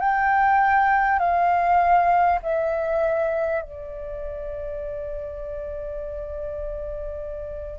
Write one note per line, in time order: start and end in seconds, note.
0.00 1.19 G5
1.19 2.39 F5
2.43 3.62 E5
3.62 7.79 D5